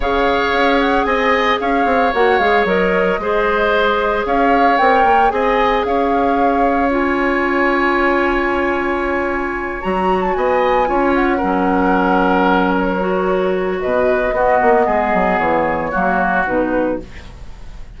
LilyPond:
<<
  \new Staff \with { instrumentName = "flute" } { \time 4/4 \tempo 4 = 113 f''4. fis''8 gis''4 f''4 | fis''8 f''8 dis''2. | f''4 g''4 gis''4 f''4~ | f''4 gis''2.~ |
gis''2~ gis''8 ais''8. a''16 gis''8~ | gis''4 fis''2. | cis''2 dis''2~ | dis''4 cis''2 b'4 | }
  \new Staff \with { instrumentName = "oboe" } { \time 4/4 cis''2 dis''4 cis''4~ | cis''2 c''2 | cis''2 dis''4 cis''4~ | cis''1~ |
cis''2.~ cis''8 dis''8~ | dis''8 cis''4 ais'2~ ais'8~ | ais'2 b'4 fis'4 | gis'2 fis'2 | }
  \new Staff \with { instrumentName = "clarinet" } { \time 4/4 gis'1 | fis'8 gis'8 ais'4 gis'2~ | gis'4 ais'4 gis'2~ | gis'4 f'2.~ |
f'2~ f'8 fis'4.~ | fis'8 f'4 cis'2~ cis'8~ | cis'8 fis'2~ fis'8 b4~ | b2 ais4 dis'4 | }
  \new Staff \with { instrumentName = "bassoon" } { \time 4/4 cis4 cis'4 c'4 cis'8 c'8 | ais8 gis8 fis4 gis2 | cis'4 c'8 ais8 c'4 cis'4~ | cis'1~ |
cis'2~ cis'8 fis4 b8~ | b8 cis'4 fis2~ fis8~ | fis2 b,4 b8 ais8 | gis8 fis8 e4 fis4 b,4 | }
>>